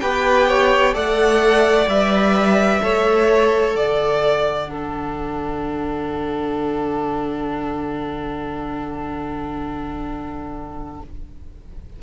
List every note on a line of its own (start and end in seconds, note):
0.00 0.95 B3
0.00 0.93 G4
0.00 0.48 B4
0.00 0.94 G5
0.48 0.94 C#5
0.93 1.86 A3
0.93 1.87 A4
0.93 2.81 D5
0.93 1.89 F#5
1.86 2.80 G3
1.86 2.81 B4
1.86 3.73 E5
2.81 3.75 A3
2.81 4.67 A4
2.81 3.76 C#5
3.73 11.02 D3
3.73 4.70 D5
3.73 10.99 F#5
4.67 11.00 D4
4.67 11.03 A4